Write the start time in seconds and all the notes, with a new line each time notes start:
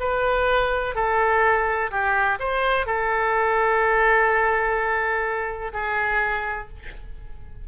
0.00 B4
0.95 A4
1.91 G4
2.39 C5
2.86 A4
5.73 G#4